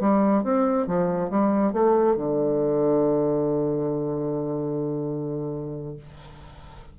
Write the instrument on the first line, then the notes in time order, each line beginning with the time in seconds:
bassoon
0.00 G3
0.43 C4
0.87 F3
1.30 G3
1.73 A3
2.16 D3